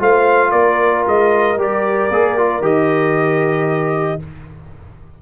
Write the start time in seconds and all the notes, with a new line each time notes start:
0.00 A3 F4 C5 F5
0.51 A#3 A#4 D5
1.07 G#3 D#5
1.57 G3 G4
1.63 D5
2.11 A#3 G#4
2.38 F4
2.61 D#3 G4 D#5